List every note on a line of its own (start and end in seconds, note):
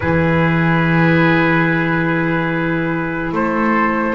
0.00 3.32 E3
0.00 4.15 E4
0.00 3.34 G#4
0.00 3.32 B4
3.32 4.15 A3
3.32 4.15 A4
3.32 4.15 C5